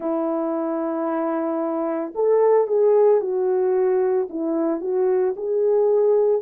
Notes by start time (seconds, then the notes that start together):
0.00 E4
2.14 A4
2.67 G#4
3.20 F#4
4.29 E4
4.80 F#4
5.36 G#4